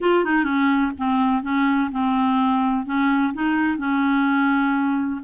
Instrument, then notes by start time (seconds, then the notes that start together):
clarinet
0.00 F4
0.24 D#4
0.44 C#4
0.98 C4
1.42 C#4
1.91 C4
2.85 C#4
3.33 D#4
3.77 C#4